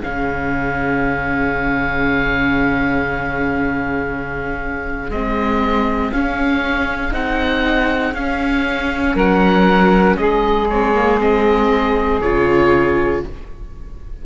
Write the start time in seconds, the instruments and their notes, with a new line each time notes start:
0.00 cello C#3, viola C#4, saxophone G#4, oboe F5
5.10 cello G#3, viola C4, oboe D#5
6.12 viola C#4, cello C#4, oboe F5
7.12 cello C4, viola D#4, oboe F#5
8.14 cello C#4, viola C#4, oboe F5
9.14 cello F#3, saxophone A#4, oboe F#5
10.17 cello G#3, saxophone G#4, oboe D#5
10.69 viola C4, oboe C#5
10.94 viola A#3
11.19 viola C4, oboe D#5
12.21 cello C#3, viola F4, oboe C#5